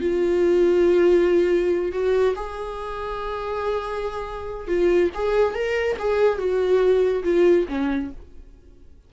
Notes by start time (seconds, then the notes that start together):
0.00 F4
1.91 F#4
2.35 G#4
4.67 F4
5.14 G#4
5.54 A#4
5.98 G#4
6.38 F#4
7.23 F4
7.68 C#4